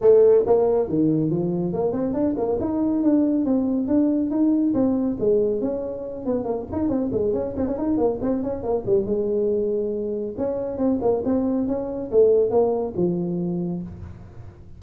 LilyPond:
\new Staff \with { instrumentName = "tuba" } { \time 4/4 \tempo 4 = 139 a4 ais4 dis4 f4 | ais8 c'8 d'8 ais8 dis'4 d'4 | c'4 d'4 dis'4 c'4 | gis4 cis'4. b8 ais8 dis'8 |
c'8 gis8 cis'8 c'16 cis'16 dis'8 ais8 c'8 cis'8 | ais8 g8 gis2. | cis'4 c'8 ais8 c'4 cis'4 | a4 ais4 f2 | }